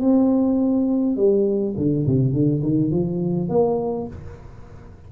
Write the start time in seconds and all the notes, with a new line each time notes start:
0.00 C4
1.16 G3
1.76 D3
2.06 C3
2.32 D3
2.62 D#3
2.90 F3
3.48 A#3